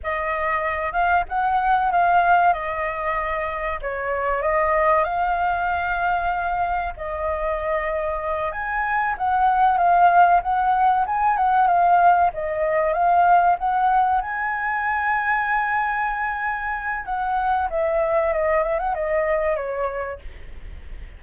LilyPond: \new Staff \with { instrumentName = "flute" } { \time 4/4 \tempo 4 = 95 dis''4. f''8 fis''4 f''4 | dis''2 cis''4 dis''4 | f''2. dis''4~ | dis''4. gis''4 fis''4 f''8~ |
f''8 fis''4 gis''8 fis''8 f''4 dis''8~ | dis''8 f''4 fis''4 gis''4.~ | gis''2. fis''4 | e''4 dis''8 e''16 fis''16 dis''4 cis''4 | }